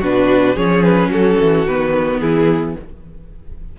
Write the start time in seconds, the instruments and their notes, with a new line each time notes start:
0.00 cello B2, viola D4, violin F#4 B4
0.55 cello F3, viola C#4, violin G#4 C#5
0.84 violin B4
1.08 cello F#3, violin F#4 A4
1.40 cello E3
1.66 cello D#3, viola B3, violin B4
2.20 cello E3, violin E4 G#4